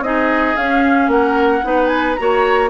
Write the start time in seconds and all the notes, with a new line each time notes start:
0.00 C4 D#4 G#4 D#5
0.56 C#4 F5
1.07 A#3 A#4 F#5
1.62 B3 D#4 B4
1.87 G#5
2.15 A#3 F#4 C#5 A#5